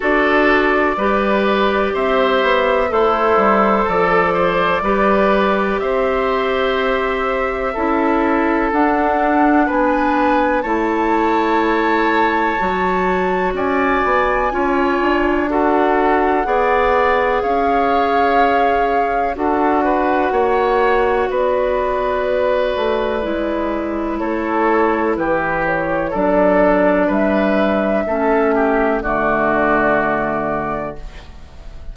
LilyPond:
<<
  \new Staff \with { instrumentName = "flute" } { \time 4/4 \tempo 4 = 62 d''2 e''4 c''4 | d''2 e''2~ | e''4 fis''4 gis''4 a''4~ | a''2 gis''2 |
fis''2 f''2 | fis''2 d''2~ | d''4 cis''4 b'8 cis''8 d''4 | e''2 d''2 | }
  \new Staff \with { instrumentName = "oboe" } { \time 4/4 a'4 b'4 c''4 e'4 | a'8 c''8 b'4 c''2 | a'2 b'4 cis''4~ | cis''2 d''4 cis''4 |
a'4 d''4 cis''2 | a'8 b'8 cis''4 b'2~ | b'4 a'4 g'4 a'4 | b'4 a'8 g'8 fis'2 | }
  \new Staff \with { instrumentName = "clarinet" } { \time 4/4 fis'4 g'2 a'4~ | a'4 g'2. | e'4 d'2 e'4~ | e'4 fis'2 f'4 |
fis'4 gis'2. | fis'1 | e'2. d'4~ | d'4 cis'4 a2 | }
  \new Staff \with { instrumentName = "bassoon" } { \time 4/4 d'4 g4 c'8 b8 a8 g8 | f4 g4 c'2 | cis'4 d'4 b4 a4~ | a4 fis4 cis'8 b8 cis'8 d'8~ |
d'4 b4 cis'2 | d'4 ais4 b4. a8 | gis4 a4 e4 fis4 | g4 a4 d2 | }
>>